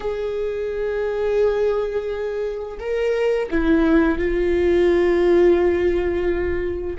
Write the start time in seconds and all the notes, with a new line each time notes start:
0.00 G#4
2.79 A#4
3.50 E4
4.18 F4